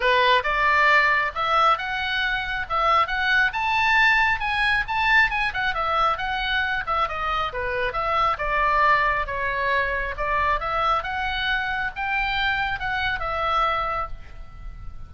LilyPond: \new Staff \with { instrumentName = "oboe" } { \time 4/4 \tempo 4 = 136 b'4 d''2 e''4 | fis''2 e''4 fis''4 | a''2 gis''4 a''4 | gis''8 fis''8 e''4 fis''4. e''8 |
dis''4 b'4 e''4 d''4~ | d''4 cis''2 d''4 | e''4 fis''2 g''4~ | g''4 fis''4 e''2 | }